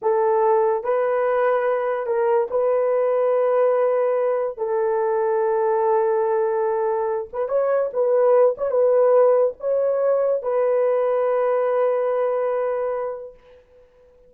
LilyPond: \new Staff \with { instrumentName = "horn" } { \time 4/4 \tempo 4 = 144 a'2 b'2~ | b'4 ais'4 b'2~ | b'2. a'4~ | a'1~ |
a'4. b'8 cis''4 b'4~ | b'8 cis''8 b'2 cis''4~ | cis''4 b'2.~ | b'1 | }